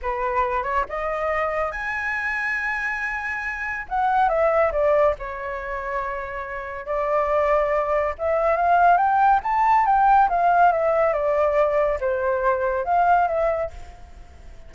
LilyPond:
\new Staff \with { instrumentName = "flute" } { \time 4/4 \tempo 4 = 140 b'4. cis''8 dis''2 | gis''1~ | gis''4 fis''4 e''4 d''4 | cis''1 |
d''2. e''4 | f''4 g''4 a''4 g''4 | f''4 e''4 d''2 | c''2 f''4 e''4 | }